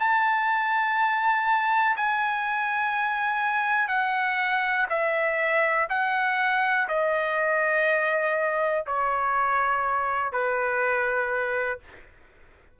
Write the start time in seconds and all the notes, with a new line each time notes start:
0.00 A5
1.97 G#5
3.89 F#5
4.90 E5
5.90 F#5
6.89 D#5
8.87 C#5
10.32 B4